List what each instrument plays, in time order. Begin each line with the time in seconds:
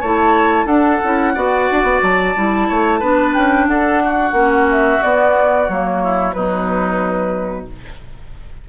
0.00 bassoon A3, clarinet E4, oboe C#5, flute A5
0.65 bassoon D4, clarinet D4, oboe A4, flute F#5
1.03 bassoon C#4, clarinet E4
1.34 bassoon B3, clarinet F#4, oboe D5
1.71 bassoon D4
1.83 bassoon B3
2.02 bassoon F#3, flute A5
2.35 bassoon G3, clarinet E4
2.68 bassoon A3, oboe C#5
2.99 bassoon B3, clarinet D4, oboe B4
3.33 bassoon C#4, flute G5
3.67 bassoon D4, oboe A4, flute F#5
4.03 oboe F#4
4.32 bassoon A#3, clarinet C#4
4.70 flute E5
5.02 clarinet B3, bassoon B3, flute D5
5.68 bassoon F#3, clarinet A#3, flute C#5
6.03 oboe E4
6.33 bassoon B2, clarinet F#3, oboe D#4, flute B4